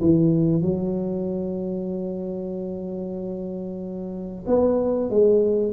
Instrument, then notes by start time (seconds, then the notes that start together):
tuba
0.00 E3
0.62 F#3
4.47 B3
5.09 G#3